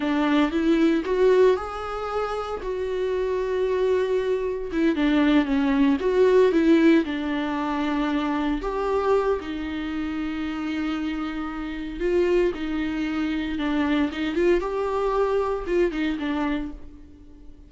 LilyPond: \new Staff \with { instrumentName = "viola" } { \time 4/4 \tempo 4 = 115 d'4 e'4 fis'4 gis'4~ | gis'4 fis'2.~ | fis'4 e'8 d'4 cis'4 fis'8~ | fis'8 e'4 d'2~ d'8~ |
d'8 g'4. dis'2~ | dis'2. f'4 | dis'2 d'4 dis'8 f'8 | g'2 f'8 dis'8 d'4 | }